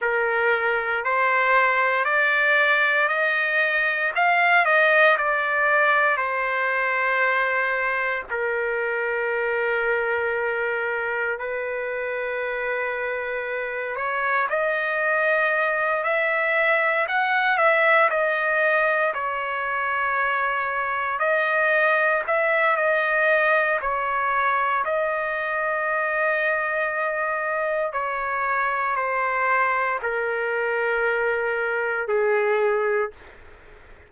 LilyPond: \new Staff \with { instrumentName = "trumpet" } { \time 4/4 \tempo 4 = 58 ais'4 c''4 d''4 dis''4 | f''8 dis''8 d''4 c''2 | ais'2. b'4~ | b'4. cis''8 dis''4. e''8~ |
e''8 fis''8 e''8 dis''4 cis''4.~ | cis''8 dis''4 e''8 dis''4 cis''4 | dis''2. cis''4 | c''4 ais'2 gis'4 | }